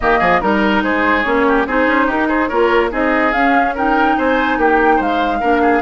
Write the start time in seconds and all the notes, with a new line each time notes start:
0.00 D#3 A#3 G4 D#5
0.19 F3 G#4
0.40 G3 D#4 A#4
0.83 G#3 G#4 C5
1.22 A#3 C#4 C#5
1.47 G4
1.66 C4 D#4 G#4 C5
1.87 C#4
2.06 D#4 G4 A#4
2.27 G#4 C5
2.48 A#3 F4 A#4 C#5
2.90 C4 D#4 G#4 D#5
3.32 C#4 F5
3.74 D#4 A#4 G5
4.17 C4 C5 G#5
4.57 A#3 G4 G5
4.96 G#3 C5 F5
5.40 A#3 D4 A#4
5.62 G#4